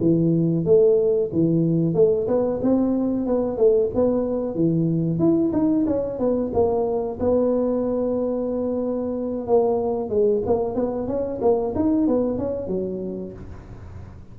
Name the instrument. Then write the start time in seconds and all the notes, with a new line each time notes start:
tuba
0.00 E3
0.65 A3
1.32 E3
1.94 A3
2.27 B3
2.62 C4
3.26 B3
3.57 A3
3.95 B3
4.55 E3
5.19 E4
5.53 D#4
5.86 C#4
6.19 B3
6.53 A#3
7.19 B3
9.47 A#3
10.09 G#3
10.46 A#3
10.75 B3
11.07 C#4
11.41 A#3
11.75 D#4
12.07 B3
12.38 C#4
12.67 F#3